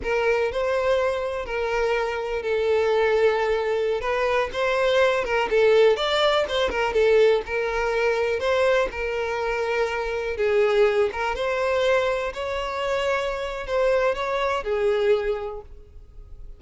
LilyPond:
\new Staff \with { instrumentName = "violin" } { \time 4/4 \tempo 4 = 123 ais'4 c''2 ais'4~ | ais'4 a'2.~ | a'16 b'4 c''4. ais'8 a'8.~ | a'16 d''4 c''8 ais'8 a'4 ais'8.~ |
ais'4~ ais'16 c''4 ais'4.~ ais'16~ | ais'4~ ais'16 gis'4. ais'8 c''8.~ | c''4~ c''16 cis''2~ cis''8. | c''4 cis''4 gis'2 | }